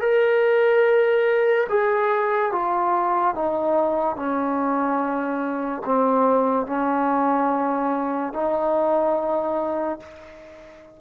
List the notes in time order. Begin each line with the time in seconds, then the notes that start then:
0.00 A#4
1.69 G#4
2.52 F4
3.34 D#4
4.16 C#4
5.85 C4
6.66 C#4
8.33 D#4